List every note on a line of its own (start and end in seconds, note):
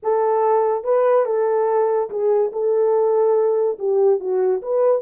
0.02 0.84 A4
0.84 1.25 B4
1.25 2.09 A4
2.09 2.51 G#4
2.52 3.78 A4
3.79 4.19 G4
4.19 4.61 F#4
4.62 5.02 B4